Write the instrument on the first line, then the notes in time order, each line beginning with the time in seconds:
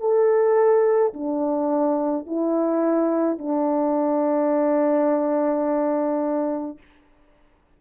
horn
0.00 A4
1.14 D4
2.26 E4
3.39 D4